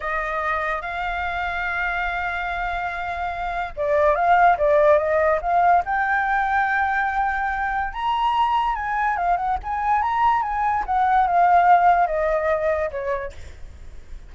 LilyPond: \new Staff \with { instrumentName = "flute" } { \time 4/4 \tempo 4 = 144 dis''2 f''2~ | f''1~ | f''4 d''4 f''4 d''4 | dis''4 f''4 g''2~ |
g''2. ais''4~ | ais''4 gis''4 f''8 fis''8 gis''4 | ais''4 gis''4 fis''4 f''4~ | f''4 dis''2 cis''4 | }